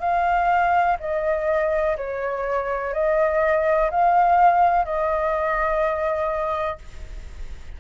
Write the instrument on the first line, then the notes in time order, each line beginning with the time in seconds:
flute
0.00 F5
0.99 D#5
1.97 C#5
2.93 D#5
3.90 F5
4.85 D#5